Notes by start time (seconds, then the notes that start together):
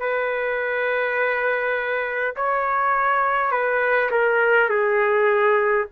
0.00 B4
2.36 C#5
3.51 B4
4.11 A#4
4.70 G#4